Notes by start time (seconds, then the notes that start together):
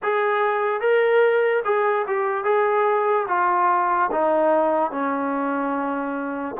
0.02 G#4
0.80 A#4
1.64 G#4
2.07 G4
2.44 G#4
3.28 F4
4.11 D#4
4.91 C#4